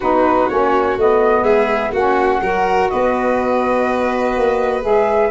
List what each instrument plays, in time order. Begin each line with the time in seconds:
0.00 tuba B3, saxophone D#4, violin F#4, flute B4
0.48 tuba A#3, saxophone C#4, flute C#5
0.97 tuba A3, saxophone B3, flute D#5
1.42 tuba G#3, violin G#4, flute E5
1.92 tuba A#3, saxophone C#4, violin F#4, flute F#5
2.41 tuba F#3, saxophone F#4, violin A#4
2.89 tuba B3, violin B4, flute D#5
4.37 tuba A#3
4.81 tuba G#3, saxophone G#4, flute E5